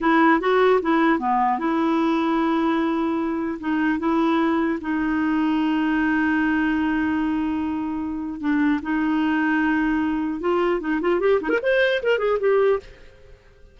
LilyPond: \new Staff \with { instrumentName = "clarinet" } { \time 4/4 \tempo 4 = 150 e'4 fis'4 e'4 b4 | e'1~ | e'4 dis'4 e'2 | dis'1~ |
dis'1~ | dis'4 d'4 dis'2~ | dis'2 f'4 dis'8 f'8 | g'8 dis'16 ais'16 c''4 ais'8 gis'8 g'4 | }